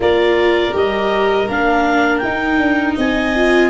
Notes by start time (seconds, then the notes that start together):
0.00 A#3 F4 A#4 D5
0.72 G3 G4 D#5
1.48 A#3 D4 F5
2.18 D#4 G5
2.25 D#4
2.58 D4
2.95 C4 D#5 G#5
3.35 F4